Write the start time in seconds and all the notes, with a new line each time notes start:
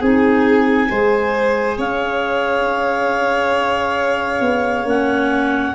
0.00 C4 D#4 G#4 G#5
0.90 G#3 G#4 C5
1.78 C#4 C#5 F5
4.41 B3
4.84 A#3 C#4 F#5